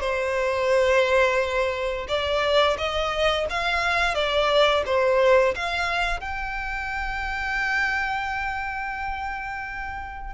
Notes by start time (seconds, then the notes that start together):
0.00 C5
2.08 D5
2.77 D#5
3.50 F5
4.14 D5
4.86 C5
5.55 F5
6.20 G5